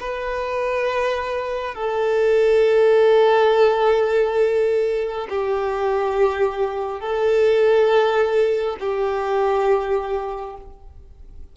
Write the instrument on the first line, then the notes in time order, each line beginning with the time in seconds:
violin
0.00 B4
1.74 A4
5.29 G4
7.00 A4
8.80 G4